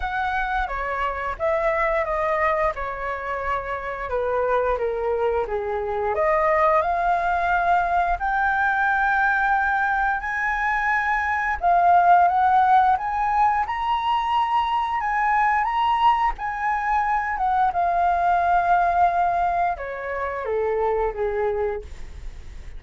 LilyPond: \new Staff \with { instrumentName = "flute" } { \time 4/4 \tempo 4 = 88 fis''4 cis''4 e''4 dis''4 | cis''2 b'4 ais'4 | gis'4 dis''4 f''2 | g''2. gis''4~ |
gis''4 f''4 fis''4 gis''4 | ais''2 gis''4 ais''4 | gis''4. fis''8 f''2~ | f''4 cis''4 a'4 gis'4 | }